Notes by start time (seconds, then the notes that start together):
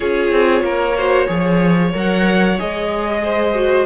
0.00 C#4 F4 G#4 C#5
0.31 C4
0.61 A#3 A#4
0.96 F#4 C5
1.27 F3 G#4 C#5
1.93 F#3 A#4 F#5
2.58 G#3 G#4 D#5
3.23 C5
3.54 F#4